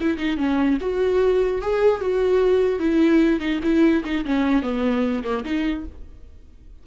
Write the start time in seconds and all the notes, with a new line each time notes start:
0.00 E4
0.18 D#4
0.37 C#4
0.81 F#4
1.61 G#4
2.01 F#4
2.79 E4
3.40 D#4
3.63 E4
4.04 D#4
4.25 C#4
4.62 B3
5.24 A#3
5.44 D#4